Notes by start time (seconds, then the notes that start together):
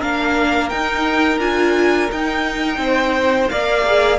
0.00 A#3 D4 A#4 F5
0.70 D#4 G5
1.39 D4 F4 G#5
2.12 D#4 G5
2.78 C4 C5
3.49 A#3 A#4 D5 F5
3.86 G#4